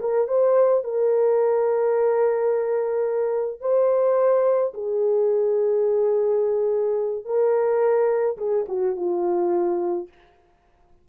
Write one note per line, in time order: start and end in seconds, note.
0.00 0.28 A#4
0.28 0.84 C5
0.84 3.60 A#4
3.60 4.73 C5
4.74 7.25 G#4
7.25 8.37 A#4
8.37 8.65 G#4
8.68 8.96 F#4
8.96 10.08 F4